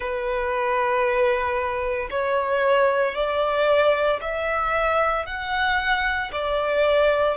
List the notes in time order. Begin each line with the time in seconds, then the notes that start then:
0.00 B4
2.10 C#5
3.14 D5
4.21 E5
5.26 F#5
6.32 D5